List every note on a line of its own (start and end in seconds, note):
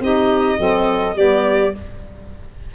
0.00 0.57 C4
0.00 0.57 D#4
0.00 0.58 G4
0.00 1.17 D#5
0.57 1.15 F#3
0.57 1.14 C4
0.57 1.15 A4
1.15 1.72 G3
1.15 1.74 B3
1.15 1.74 G4
1.15 1.74 D5